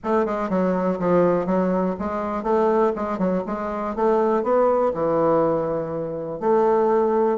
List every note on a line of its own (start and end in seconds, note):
0.03 0.25 A3
0.25 0.49 G#3
0.49 0.98 F#3
0.99 1.46 F3
1.46 1.95 F#3
1.99 2.43 G#3
2.43 2.92 A3
2.95 3.18 G#3
3.18 3.42 F#3
3.46 3.95 G#3
3.95 4.43 A3
4.43 4.92 B3
4.94 6.40 E3
6.40 7.38 A3